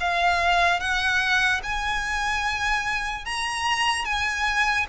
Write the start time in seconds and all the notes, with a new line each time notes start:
0.00 F5
0.80 F#5
1.63 G#5
3.25 A#5
4.05 G#5